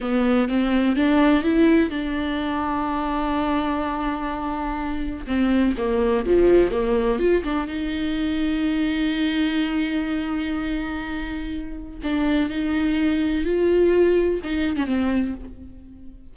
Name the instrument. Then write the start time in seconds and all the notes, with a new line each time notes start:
viola
0.00 B3
0.48 C4
0.96 D4
1.43 E4
1.90 D4
5.26 C4
5.77 A#3
6.25 F3
6.71 A#3
7.19 F4
7.43 D4
7.67 D#4
12.03 D4
12.49 D#4
13.44 F4
14.43 D#4
14.76 C#4
14.86 C4